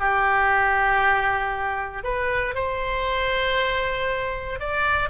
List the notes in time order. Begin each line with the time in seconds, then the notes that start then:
0.00 G4
2.04 B4
2.55 C5
4.60 D5